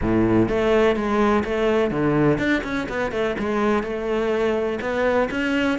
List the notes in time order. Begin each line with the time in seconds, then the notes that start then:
0.01 A2
0.48 A3
0.95 G#3
1.44 A3
1.90 D3
2.38 D4
2.63 C#4
2.88 B3
3.11 A3
3.38 G#3
3.83 A3
4.80 B3
5.31 C#4